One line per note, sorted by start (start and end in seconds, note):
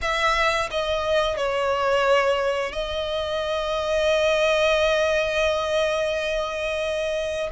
0.01 0.69 E5
0.70 1.36 D#5
1.36 2.72 C#5
2.72 7.49 D#5